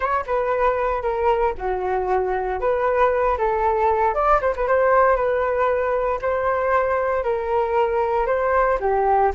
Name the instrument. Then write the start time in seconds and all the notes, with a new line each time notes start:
flute
0.00 C#5
0.26 B4
1.02 A#4
1.58 F#4
2.60 B4
3.38 A4
4.14 D5
4.41 C5
4.56 B4
4.67 C5
5.16 B4
6.21 C5
7.23 A#4
8.26 C5
8.80 G4